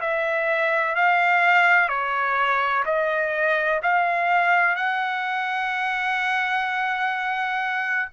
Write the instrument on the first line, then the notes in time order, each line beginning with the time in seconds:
trumpet
0.00 E5
0.95 F5
1.88 C#5
2.85 D#5
3.82 F5
4.75 F#5